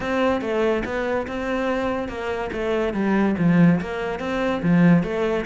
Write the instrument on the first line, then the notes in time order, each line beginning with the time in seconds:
cello
0.00 C4
0.41 A3
0.84 B3
1.27 C4
2.08 A#3
2.52 A3
2.93 G3
3.38 F3
3.80 A#3
4.19 C4
4.62 F3
5.03 A3